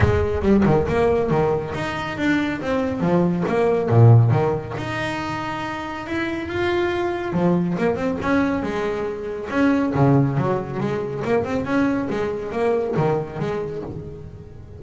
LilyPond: \new Staff \with { instrumentName = "double bass" } { \time 4/4 \tempo 4 = 139 gis4 g8 dis8 ais4 dis4 | dis'4 d'4 c'4 f4 | ais4 ais,4 dis4 dis'4~ | dis'2 e'4 f'4~ |
f'4 f4 ais8 c'8 cis'4 | gis2 cis'4 cis4 | fis4 gis4 ais8 c'8 cis'4 | gis4 ais4 dis4 gis4 | }